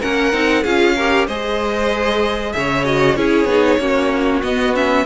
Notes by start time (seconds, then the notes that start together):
0.00 A#3 C#4 A#4 F#5
0.32 C4 D#4
0.62 C#4 F4 G#4 F5
0.96 G4 A#4
1.26 G#3 G#4 C5 D#5
2.53 C#3 C#5 E5
2.84 F#4 D#5
3.16 C#4 E4 G#4 C#5
3.45 B3 D#4
3.79 A#3 C#4 F#4
4.42 B3 D#5
4.74 C#4 E5